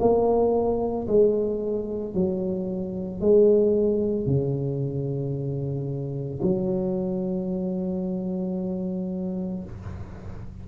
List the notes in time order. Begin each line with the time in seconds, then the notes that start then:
0.00 A#3
1.08 G#3
2.14 F#3
3.21 G#3
4.26 C#3
6.43 F#3